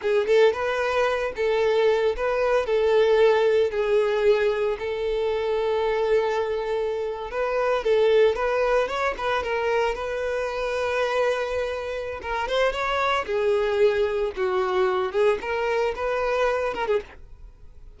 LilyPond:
\new Staff \with { instrumentName = "violin" } { \time 4/4 \tempo 4 = 113 gis'8 a'8 b'4. a'4. | b'4 a'2 gis'4~ | gis'4 a'2.~ | a'4.~ a'16 b'4 a'4 b'16~ |
b'8. cis''8 b'8 ais'4 b'4~ b'16~ | b'2. ais'8 c''8 | cis''4 gis'2 fis'4~ | fis'8 gis'8 ais'4 b'4. ais'16 gis'16 | }